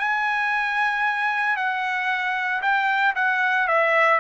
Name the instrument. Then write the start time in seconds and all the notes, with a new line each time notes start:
trumpet
0.00 G#5
1.56 F#5
2.62 G5
3.16 F#5
3.68 E5